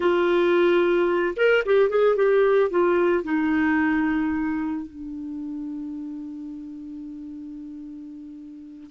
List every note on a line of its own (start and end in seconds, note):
0.00 1.34 F4
1.36 1.63 A#4
1.65 1.89 G4
1.89 2.16 G#4
2.16 2.70 G4
2.70 3.24 F4
3.24 4.86 D#4
4.86 8.90 D4